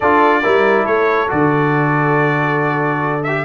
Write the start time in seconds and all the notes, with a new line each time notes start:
0.00 D4 F4 A4 D5
0.42 G3 E4 A#4
0.83 A3 A4 C#5
1.27 D3 F#4 D5
3.23 G4 E5